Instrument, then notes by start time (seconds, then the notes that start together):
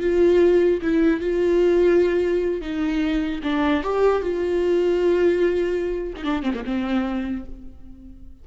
viola
0.00 F4
0.82 E4
1.20 F4
2.61 D#4
3.43 D4
3.83 G4
4.22 F4
6.16 D#4
6.24 D4
6.42 C4
6.53 A#3
6.64 C4